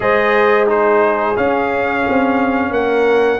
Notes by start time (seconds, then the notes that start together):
0.00 G#3 G#4 C5 D#5
0.66 D#4 G#4 C5
1.36 C#4 F5
2.09 C4
2.70 A#3 A#4 F#5